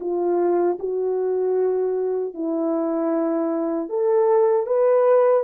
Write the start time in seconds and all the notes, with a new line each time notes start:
0.00 F4
0.79 F#4
2.34 E4
3.89 A4
4.67 B4